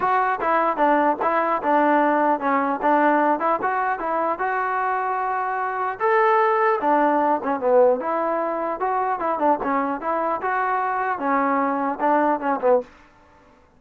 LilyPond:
\new Staff \with { instrumentName = "trombone" } { \time 4/4 \tempo 4 = 150 fis'4 e'4 d'4 e'4 | d'2 cis'4 d'4~ | d'8 e'8 fis'4 e'4 fis'4~ | fis'2. a'4~ |
a'4 d'4. cis'8 b4 | e'2 fis'4 e'8 d'8 | cis'4 e'4 fis'2 | cis'2 d'4 cis'8 b8 | }